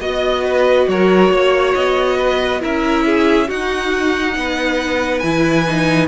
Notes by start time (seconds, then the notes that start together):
0.00 B3 F#4 D#5
0.43 B4
0.87 F#3 A#4 C#5
1.30 A#3 C#5
1.74 B3 D#5
2.17 B4
2.60 C#4 E4 A#4 E5
3.05 G#4
3.48 D#4 F#4 F#5
4.36 B3 B4
5.19 E3 E4 G#5
5.67 D#4